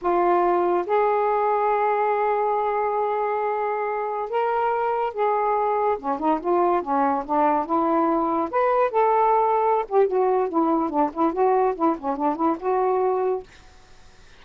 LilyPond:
\new Staff \with { instrumentName = "saxophone" } { \time 4/4 \tempo 4 = 143 f'2 gis'2~ | gis'1~ | gis'2~ gis'16 ais'4.~ ais'16~ | ais'16 gis'2 cis'8 dis'8 f'8.~ |
f'16 cis'4 d'4 e'4.~ e'16~ | e'16 b'4 a'2~ a'16 g'8 | fis'4 e'4 d'8 e'8 fis'4 | e'8 cis'8 d'8 e'8 fis'2 | }